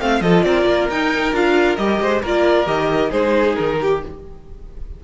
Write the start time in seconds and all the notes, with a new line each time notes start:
0.00 A3 C4 F5
0.21 F3 F4 A4 D#5
0.44 C4 A#4 D5
0.66 A#3
0.89 D#4 G5
1.33 D4 F4 F5
1.76 G3 G4 D#5
2.01 G#3 C5
2.22 A#3 F4 A#4 D5
2.66 D#3 G4 D#5
3.10 G#3 D#4 G#4 C5
3.55 D#3 A#4
3.81 G4